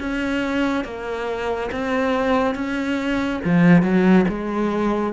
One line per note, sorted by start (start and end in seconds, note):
0.00 0.85 C#4
0.85 1.70 A#3
1.72 2.55 C4
2.55 3.41 C#4
3.45 3.83 F3
3.83 4.25 F#3
4.29 5.14 G#3